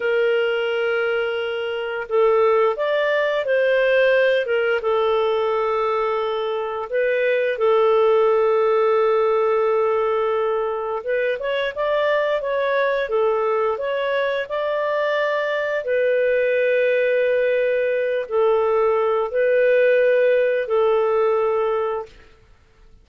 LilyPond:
\new Staff \with { instrumentName = "clarinet" } { \time 4/4 \tempo 4 = 87 ais'2. a'4 | d''4 c''4. ais'8 a'4~ | a'2 b'4 a'4~ | a'1 |
b'8 cis''8 d''4 cis''4 a'4 | cis''4 d''2 b'4~ | b'2~ b'8 a'4. | b'2 a'2 | }